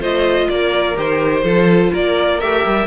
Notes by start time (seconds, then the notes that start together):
0.00 A3 F4 C5 D#5
0.50 A#3 A#4 D5
0.95 D#3 G4 C5
1.43 F3 F4 A4
1.93 A#3 A#4 D5
2.40 A3 G4 E5
2.66 G3